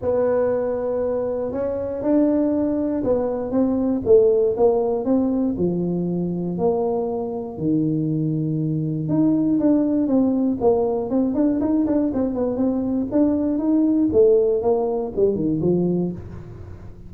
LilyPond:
\new Staff \with { instrumentName = "tuba" } { \time 4/4 \tempo 4 = 119 b2. cis'4 | d'2 b4 c'4 | a4 ais4 c'4 f4~ | f4 ais2 dis4~ |
dis2 dis'4 d'4 | c'4 ais4 c'8 d'8 dis'8 d'8 | c'8 b8 c'4 d'4 dis'4 | a4 ais4 g8 dis8 f4 | }